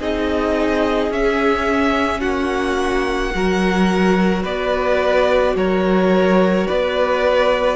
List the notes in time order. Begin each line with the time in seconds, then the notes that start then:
0.00 C4 D#4 G#4 D#5
1.10 C#4 E5
2.20 A#3 F#4 F#5
3.34 F#3 F#4 A#4
4.42 B3 B4 D5
5.56 F#3 A#4 C#5
6.67 B3 B4 D5